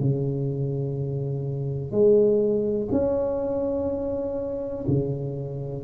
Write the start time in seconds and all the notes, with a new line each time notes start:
0.00 C#3
1.92 G#3
2.92 C#4
4.88 C#3